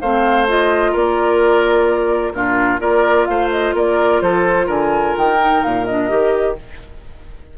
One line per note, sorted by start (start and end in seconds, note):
0.00 0.94 A3
0.00 0.48 C4
0.00 0.91 C5
0.00 0.47 F5
0.48 2.34 F4
0.48 0.96 D#5
0.91 2.33 A#3
0.91 2.32 A#4
0.91 2.33 D5
2.33 2.79 A#2
2.33 2.79 D4
2.33 2.80 F4
2.33 2.79 A#4
2.79 3.27 A#3
2.79 5.37 F4
2.79 3.27 A#4
2.79 3.25 D5
3.25 3.74 A3
3.25 3.75 C5
3.25 3.49 F5
3.51 3.74 D#5
3.74 4.21 A#3
3.74 4.22 A#4
3.74 4.21 D5
4.21 4.67 F3
4.21 4.66 A4
4.21 4.68 C5
4.66 5.14 D3
4.66 6.54 A#4
4.66 5.16 G#5
5.16 5.63 D#3
5.16 5.63 G5
5.38 5.85 D#4
5.63 6.11 A#2
5.63 5.85 F5
5.85 6.08 D4
5.85 6.55 D#5
6.08 6.58 D#3
6.08 6.55 G4